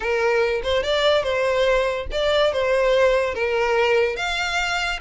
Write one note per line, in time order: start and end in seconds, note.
0.00 0.61 A#4
0.63 0.83 C5
0.83 1.23 D5
1.23 2.06 C5
2.11 2.52 D5
2.52 3.34 C5
3.34 4.16 A#4
4.16 4.99 F5